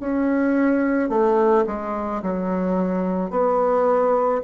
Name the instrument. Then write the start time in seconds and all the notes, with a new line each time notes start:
bassoon
0.00 C#4
1.09 A3
1.66 G#3
2.22 F#3
3.30 B3